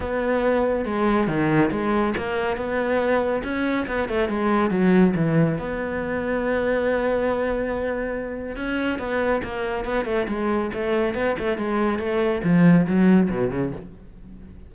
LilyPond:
\new Staff \with { instrumentName = "cello" } { \time 4/4 \tempo 4 = 140 b2 gis4 dis4 | gis4 ais4 b2 | cis'4 b8 a8 gis4 fis4 | e4 b2.~ |
b1 | cis'4 b4 ais4 b8 a8 | gis4 a4 b8 a8 gis4 | a4 f4 fis4 b,8 cis8 | }